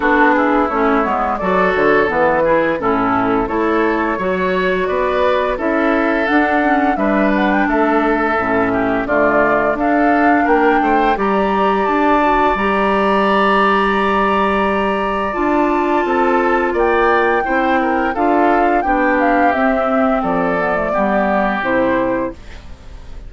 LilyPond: <<
  \new Staff \with { instrumentName = "flute" } { \time 4/4 \tempo 4 = 86 a'8 gis'8 cis''4 d''8 cis''8 b'4 | a'4 cis''2 d''4 | e''4 fis''4 e''8 fis''16 g''16 e''4~ | e''4 d''4 f''4 g''4 |
ais''4 a''4 ais''2~ | ais''2 a''2 | g''2 f''4 g''8 f''8 | e''4 d''2 c''4 | }
  \new Staff \with { instrumentName = "oboe" } { \time 4/4 fis'8 e'4. a'4. gis'8 | e'4 a'4 cis''4 b'4 | a'2 b'4 a'4~ | a'8 g'8 f'4 a'4 ais'8 c''8 |
d''1~ | d''2. a'4 | d''4 c''8 ais'8 a'4 g'4~ | g'4 a'4 g'2 | }
  \new Staff \with { instrumentName = "clarinet" } { \time 4/4 d'4 cis'8 b8 fis'4 b8 e'8 | cis'4 e'4 fis'2 | e'4 d'8 cis'8 d'2 | cis'4 a4 d'2 |
g'4. fis'8 g'2~ | g'2 f'2~ | f'4 e'4 f'4 d'4 | c'4. b16 a16 b4 e'4 | }
  \new Staff \with { instrumentName = "bassoon" } { \time 4/4 b4 a8 gis8 fis8 d8 e4 | a,4 a4 fis4 b4 | cis'4 d'4 g4 a4 | a,4 d4 d'4 ais8 a8 |
g4 d'4 g2~ | g2 d'4 c'4 | ais4 c'4 d'4 b4 | c'4 f4 g4 c4 | }
>>